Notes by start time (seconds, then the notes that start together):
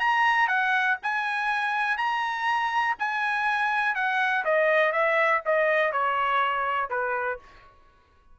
0.00 A#5
0.48 F#5
1.03 G#5
1.97 A#5
2.99 G#5
3.95 F#5
4.45 D#5
4.92 E5
5.45 D#5
5.92 C#5
6.90 B4